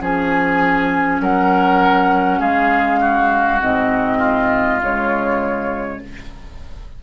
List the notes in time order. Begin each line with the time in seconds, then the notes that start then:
0.00 F3 C#4 G#4 G#5
1.20 F#3 A#4 F#5
2.40 G#3 G#4 F5
3.00 F#4
3.60 G#2 C4 D#5
4.18 F4
4.80 C#3 G#3 C#5